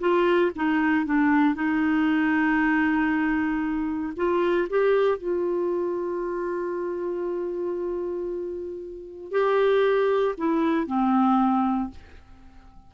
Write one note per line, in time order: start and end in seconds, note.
0.00 0.52 F4
0.56 1.06 D#4
1.06 1.55 D4
1.55 4.14 D#4
4.17 4.68 F4
4.70 5.18 G4
5.18 9.32 F4
9.32 10.35 G4
10.38 10.87 E4
10.87 11.90 C4